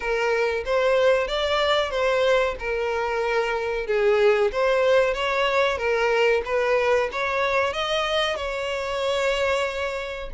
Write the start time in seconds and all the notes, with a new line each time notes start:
0.00 A#4
0.65 C5
1.27 D5
1.90 C5
2.59 A#4
3.86 G#4
4.52 C5
5.13 C#5
5.77 A#4
6.45 B4
7.11 C#5
7.73 D#5
8.35 C#5